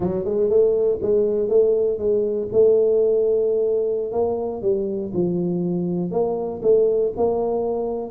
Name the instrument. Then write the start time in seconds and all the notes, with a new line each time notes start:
tuba
0.00 F#3
0.24 G#3
0.49 A3
1.02 G#3
1.48 A3
1.98 G#3
2.52 A3
4.11 A#3
4.62 G3
5.13 F3
6.11 A#3
6.62 A3
7.16 A#3